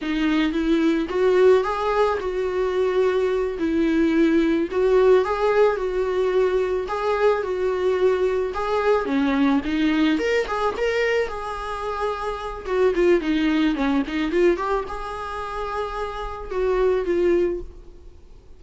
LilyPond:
\new Staff \with { instrumentName = "viola" } { \time 4/4 \tempo 4 = 109 dis'4 e'4 fis'4 gis'4 | fis'2~ fis'8 e'4.~ | e'8 fis'4 gis'4 fis'4.~ | fis'8 gis'4 fis'2 gis'8~ |
gis'8 cis'4 dis'4 ais'8 gis'8 ais'8~ | ais'8 gis'2~ gis'8 fis'8 f'8 | dis'4 cis'8 dis'8 f'8 g'8 gis'4~ | gis'2 fis'4 f'4 | }